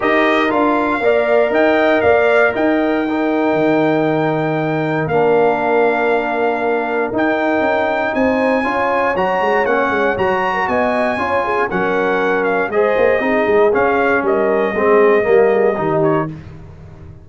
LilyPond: <<
  \new Staff \with { instrumentName = "trumpet" } { \time 4/4 \tempo 4 = 118 dis''4 f''2 g''4 | f''4 g''2.~ | g''2 f''2~ | f''2 g''2 |
gis''2 ais''4 fis''4 | ais''4 gis''2 fis''4~ | fis''8 f''8 dis''2 f''4 | dis''2.~ dis''8 cis''8 | }
  \new Staff \with { instrumentName = "horn" } { \time 4/4 ais'2 d''4 dis''4 | d''4 dis''4 ais'2~ | ais'1~ | ais'1 |
c''4 cis''2.~ | cis''8. ais'16 dis''4 cis''8 gis'8 ais'4~ | ais'4 c''4 gis'2 | ais'4 gis'4 ais'8 gis'8 g'4 | }
  \new Staff \with { instrumentName = "trombone" } { \time 4/4 g'4 f'4 ais'2~ | ais'2 dis'2~ | dis'2 d'2~ | d'2 dis'2~ |
dis'4 f'4 fis'4 cis'4 | fis'2 f'4 cis'4~ | cis'4 gis'4 dis'4 cis'4~ | cis'4 c'4 ais4 dis'4 | }
  \new Staff \with { instrumentName = "tuba" } { \time 4/4 dis'4 d'4 ais4 dis'4 | ais4 dis'2 dis4~ | dis2 ais2~ | ais2 dis'4 cis'4 |
c'4 cis'4 fis8 gis8 ais8 gis8 | fis4 b4 cis'4 fis4~ | fis4 gis8 ais8 c'8 gis8 cis'4 | g4 gis4 g4 dis4 | }
>>